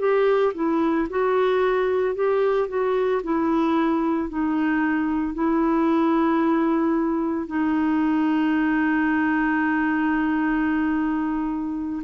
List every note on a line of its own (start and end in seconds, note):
0.00 0.54 G4
0.55 1.08 E4
1.10 2.15 F#4
2.15 2.69 G4
2.69 3.22 F#4
3.24 4.29 E4
4.29 5.35 D#4
5.35 7.48 E4
7.48 12.03 D#4